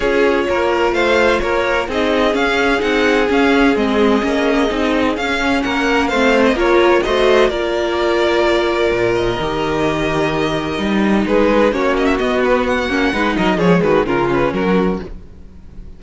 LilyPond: <<
  \new Staff \with { instrumentName = "violin" } { \time 4/4 \tempo 4 = 128 cis''2 f''4 cis''4 | dis''4 f''4 fis''4 f''4 | dis''2. f''4 | fis''4 f''8. dis''16 cis''4 dis''4 |
d''2.~ d''8 dis''8~ | dis''1 | b'4 cis''8 dis''16 e''16 dis''8 b'8 fis''4~ | fis''8 dis''8 cis''8 b'8 ais'8 b'8 ais'4 | }
  \new Staff \with { instrumentName = "violin" } { \time 4/4 gis'4 ais'4 c''4 ais'4 | gis'1~ | gis'1 | ais'4 c''4 ais'4 c''4 |
ais'1~ | ais'1 | gis'4 fis'2. | b'8 ais'8 gis'8 fis'8 f'4 fis'4 | }
  \new Staff \with { instrumentName = "viola" } { \time 4/4 f'1 | dis'4 cis'4 dis'4 cis'4 | c'4 cis'4 dis'4 cis'4~ | cis'4 c'4 f'4 fis'4 |
f'1 | g'2. dis'4~ | dis'4 cis'4 b4. cis'8 | dis'4 gis4 cis'2 | }
  \new Staff \with { instrumentName = "cello" } { \time 4/4 cis'4 ais4 a4 ais4 | c'4 cis'4 c'4 cis'4 | gis4 ais4 c'4 cis'4 | ais4 a4 ais4 a4 |
ais2. ais,4 | dis2. g4 | gis4 ais4 b4. ais8 | gis8 fis8 f8 dis8 cis4 fis4 | }
>>